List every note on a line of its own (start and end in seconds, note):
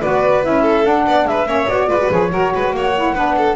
0.00 0.46 B3
0.00 0.42 F#4
0.00 0.62 B4
0.00 0.44 D5
0.42 0.85 C#4
0.42 0.84 E4
0.42 0.86 E5
0.62 1.04 A4
0.84 1.46 D4
0.84 1.06 D4
0.84 1.28 F#5
1.07 1.25 B3
1.07 1.28 D5
1.25 1.46 G#3
1.25 1.48 B4
1.25 1.69 E5
1.46 1.67 A#3
1.46 1.67 C#4
1.46 1.89 C#5
1.69 1.89 B3
1.69 1.88 F#4
1.69 2.11 D5
1.88 2.10 G#3
1.88 1.99 F4
1.88 2.31 B4
2.00 2.10 F#4
2.10 2.33 F3
2.10 2.29 G#4
2.10 2.74 C#5
2.29 2.54 F#3
2.29 2.92 F#4
2.29 2.54 A#4
2.55 2.72 G#3
2.55 2.76 B4
2.72 3.14 A#3
2.72 3.15 C#5
2.72 3.56 F#5
2.95 3.16 E4
3.14 3.56 B3
3.14 3.56 D4
3.14 3.36 B4
3.38 3.56 A4